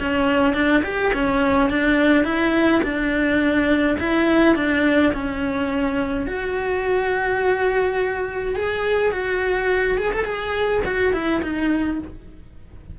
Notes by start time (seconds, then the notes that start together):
0.00 C#4
0.54 D4
0.84 G4
1.14 C#4
1.70 D4
2.25 E4
2.83 D4
3.99 E4
4.56 D4
5.14 C#4
6.27 F#4
8.56 G#4
9.12 F#4
9.98 G#4
10.13 A4
10.25 G#4
10.85 F#4
11.13 E4
11.42 D#4